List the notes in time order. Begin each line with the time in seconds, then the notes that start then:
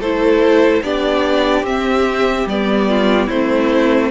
0.00 A3 E4 A4 C5
0.83 B3 D4 G4 D5
1.63 C4 E5
2.46 G3 B3 D5
2.90 F4
3.27 A3 C4 E4 C5